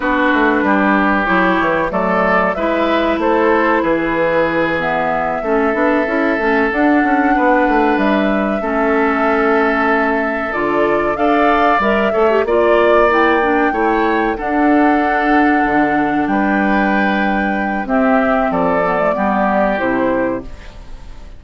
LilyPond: <<
  \new Staff \with { instrumentName = "flute" } { \time 4/4 \tempo 4 = 94 b'2 cis''4 d''4 | e''4 c''4 b'4. e''8~ | e''2~ e''8 fis''4.~ | fis''8 e''2.~ e''8~ |
e''8 d''4 f''4 e''4 d''8~ | d''8 g''2 fis''4.~ | fis''4. g''2~ g''8 | e''4 d''2 c''4 | }
  \new Staff \with { instrumentName = "oboe" } { \time 4/4 fis'4 g'2 a'4 | b'4 a'4 gis'2~ | gis'8 a'2. b'8~ | b'4. a'2~ a'8~ |
a'4. d''4. cis''8 d''8~ | d''4. cis''4 a'4.~ | a'4. b'2~ b'8 | g'4 a'4 g'2 | }
  \new Staff \with { instrumentName = "clarinet" } { \time 4/4 d'2 e'4 a4 | e'2.~ e'8 b8~ | b8 cis'8 d'8 e'8 cis'8 d'4.~ | d'4. cis'2~ cis'8~ |
cis'8 f'4 a'4 ais'8 a'16 g'16 f'8~ | f'8 e'8 d'8 e'4 d'4.~ | d'1 | c'4. b16 a16 b4 e'4 | }
  \new Staff \with { instrumentName = "bassoon" } { \time 4/4 b8 a8 g4 fis8 e8 fis4 | gis4 a4 e2~ | e8 a8 b8 cis'8 a8 d'8 cis'8 b8 | a8 g4 a2~ a8~ |
a8 d4 d'4 g8 a8 ais8~ | ais4. a4 d'4.~ | d'8 d4 g2~ g8 | c'4 f4 g4 c4 | }
>>